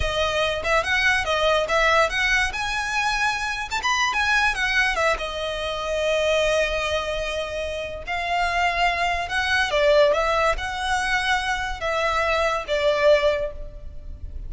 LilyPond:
\new Staff \with { instrumentName = "violin" } { \time 4/4 \tempo 4 = 142 dis''4. e''8 fis''4 dis''4 | e''4 fis''4 gis''2~ | gis''8. a''16 b''8. gis''4 fis''4 e''16~ | e''16 dis''2.~ dis''8.~ |
dis''2. f''4~ | f''2 fis''4 d''4 | e''4 fis''2. | e''2 d''2 | }